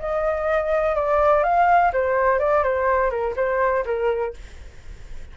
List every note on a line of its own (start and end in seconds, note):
0.00 0.96 D#5
0.96 1.44 D5
1.44 1.92 F5
1.94 2.40 C5
2.40 2.64 D5
2.64 3.11 C5
3.11 3.35 A#4
3.37 3.85 C5
3.86 4.34 A#4